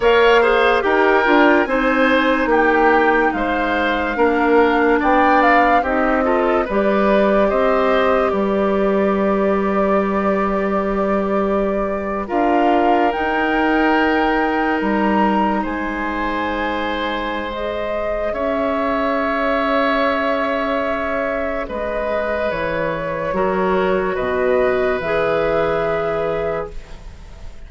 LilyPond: <<
  \new Staff \with { instrumentName = "flute" } { \time 4/4 \tempo 4 = 72 f''4 g''4 gis''4 g''4 | f''2 g''8 f''8 dis''4 | d''4 dis''4 d''2~ | d''2~ d''8. f''4 g''16~ |
g''4.~ g''16 ais''4 gis''4~ gis''16~ | gis''4 dis''4 e''2~ | e''2 dis''4 cis''4~ | cis''4 dis''4 e''2 | }
  \new Staff \with { instrumentName = "oboe" } { \time 4/4 cis''8 c''8 ais'4 c''4 g'4 | c''4 ais'4 d''4 g'8 a'8 | b'4 c''4 b'2~ | b'2~ b'8. ais'4~ ais'16~ |
ais'2~ ais'8. c''4~ c''16~ | c''2 cis''2~ | cis''2 b'2 | ais'4 b'2. | }
  \new Staff \with { instrumentName = "clarinet" } { \time 4/4 ais'8 gis'8 g'8 f'8 dis'2~ | dis'4 d'2 dis'8 f'8 | g'1~ | g'2~ g'8. f'4 dis'16~ |
dis'1~ | dis'4 gis'2.~ | gis'1 | fis'2 gis'2 | }
  \new Staff \with { instrumentName = "bassoon" } { \time 4/4 ais4 dis'8 d'8 c'4 ais4 | gis4 ais4 b4 c'4 | g4 c'4 g2~ | g2~ g8. d'4 dis'16~ |
dis'4.~ dis'16 g4 gis4~ gis16~ | gis2 cis'2~ | cis'2 gis4 e4 | fis4 b,4 e2 | }
>>